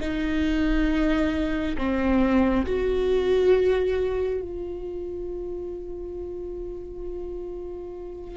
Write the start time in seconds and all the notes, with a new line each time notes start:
0.00 D#4
1.77 C4
2.66 F#4
4.41 F4